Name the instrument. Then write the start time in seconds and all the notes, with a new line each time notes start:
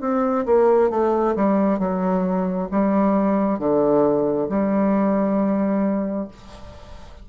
bassoon
0.00 C4
0.46 A#3
0.90 A3
1.35 G3
1.78 F#3
2.71 G3
3.59 D3
4.49 G3